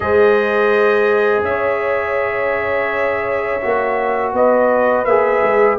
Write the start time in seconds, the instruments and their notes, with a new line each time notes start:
0.00 tuba G#3, trombone G#4, horn C5, trumpet D#5
1.42 tuba C#4, horn C#5, trumpet E5
3.61 tuba A#3, trombone F#4
4.32 tuba B3, horn B4, trumpet D#5
5.04 tuba A#3, trombone G#4, trumpet E5
5.42 tuba G#3